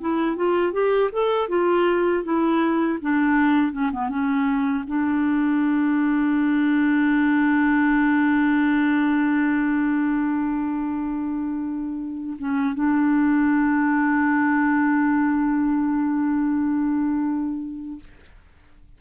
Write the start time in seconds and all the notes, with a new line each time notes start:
0.00 E4
0.36 F4
0.72 G4
1.12 A4
1.48 F4
2.23 E4
3.01 D4
3.72 C#4
3.92 B3
4.09 C#4
4.86 D4
12.38 C#4
12.74 D4